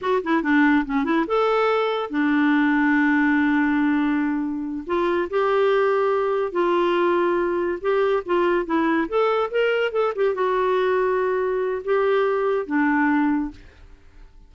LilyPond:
\new Staff \with { instrumentName = "clarinet" } { \time 4/4 \tempo 4 = 142 fis'8 e'8 d'4 cis'8 e'8 a'4~ | a'4 d'2.~ | d'2.~ d'8 f'8~ | f'8 g'2. f'8~ |
f'2~ f'8 g'4 f'8~ | f'8 e'4 a'4 ais'4 a'8 | g'8 fis'2.~ fis'8 | g'2 d'2 | }